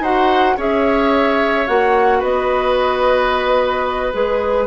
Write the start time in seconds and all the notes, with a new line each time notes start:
0.00 D#4 F#4 C5 F#5
0.56 C#4 G#4 C#5 E5
1.67 A#3 F#4 F#5
2.19 B3 B4 D#5
4.12 G#3 G#4 B4